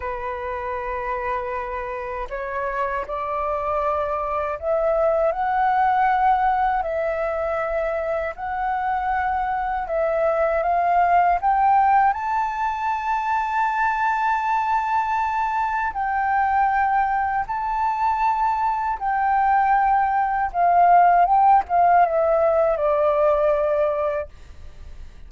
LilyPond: \new Staff \with { instrumentName = "flute" } { \time 4/4 \tempo 4 = 79 b'2. cis''4 | d''2 e''4 fis''4~ | fis''4 e''2 fis''4~ | fis''4 e''4 f''4 g''4 |
a''1~ | a''4 g''2 a''4~ | a''4 g''2 f''4 | g''8 f''8 e''4 d''2 | }